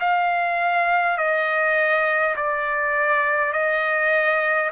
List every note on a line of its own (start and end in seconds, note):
0.00 1.17 F5
1.17 2.35 D#5
2.36 3.52 D5
3.52 4.70 D#5